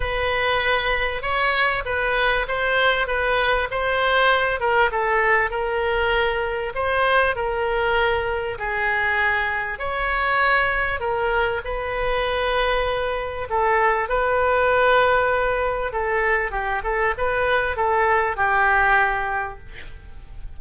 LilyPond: \new Staff \with { instrumentName = "oboe" } { \time 4/4 \tempo 4 = 98 b'2 cis''4 b'4 | c''4 b'4 c''4. ais'8 | a'4 ais'2 c''4 | ais'2 gis'2 |
cis''2 ais'4 b'4~ | b'2 a'4 b'4~ | b'2 a'4 g'8 a'8 | b'4 a'4 g'2 | }